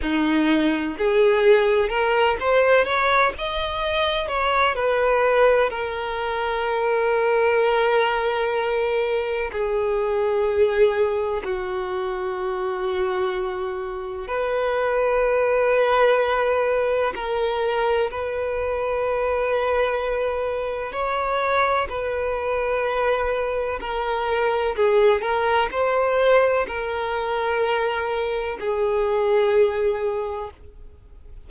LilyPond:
\new Staff \with { instrumentName = "violin" } { \time 4/4 \tempo 4 = 63 dis'4 gis'4 ais'8 c''8 cis''8 dis''8~ | dis''8 cis''8 b'4 ais'2~ | ais'2 gis'2 | fis'2. b'4~ |
b'2 ais'4 b'4~ | b'2 cis''4 b'4~ | b'4 ais'4 gis'8 ais'8 c''4 | ais'2 gis'2 | }